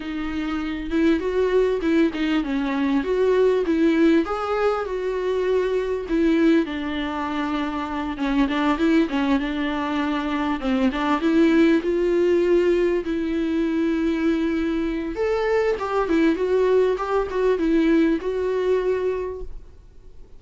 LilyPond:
\new Staff \with { instrumentName = "viola" } { \time 4/4 \tempo 4 = 99 dis'4. e'8 fis'4 e'8 dis'8 | cis'4 fis'4 e'4 gis'4 | fis'2 e'4 d'4~ | d'4. cis'8 d'8 e'8 cis'8 d'8~ |
d'4. c'8 d'8 e'4 f'8~ | f'4. e'2~ e'8~ | e'4 a'4 g'8 e'8 fis'4 | g'8 fis'8 e'4 fis'2 | }